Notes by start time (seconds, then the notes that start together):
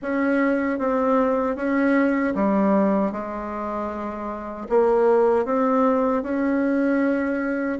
0.01 C#4
0.78 C4
1.56 C#4
2.34 G3
3.12 G#3
4.69 A#3
5.45 C4
6.23 C#4